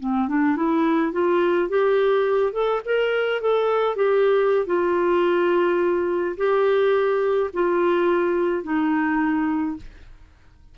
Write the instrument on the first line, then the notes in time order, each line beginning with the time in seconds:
clarinet
0.00 C4
0.28 D4
0.56 E4
1.12 F4
1.69 G4
2.53 A4
2.85 A#4
3.41 A4
3.96 G4
4.66 F4
6.37 G4
7.53 F4
8.63 D#4